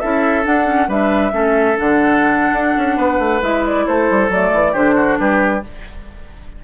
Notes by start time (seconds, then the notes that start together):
0.00 C#4 E4 A4 E5
0.44 D4 F#5
0.65 C#4
0.88 G3 D4 B4 E5
1.31 A3 C#4 A4
1.77 D3 D4 F#5
2.52 D4
2.77 C#4
2.97 B3 B4
3.19 A3
3.42 G#3 E4 E5
3.66 D5
3.87 A3 A4 C5
4.10 G3
4.30 F#3 A3 D5
4.53 E3
4.72 D3 D4 G4 C5
4.96 F#4
5.19 G3 G4 B4